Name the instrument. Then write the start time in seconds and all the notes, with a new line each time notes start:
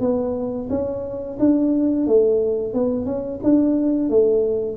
tuba
0.00 B3
0.70 C#4
1.39 D4
2.07 A3
2.74 B3
3.06 C#4
3.43 D4
4.10 A3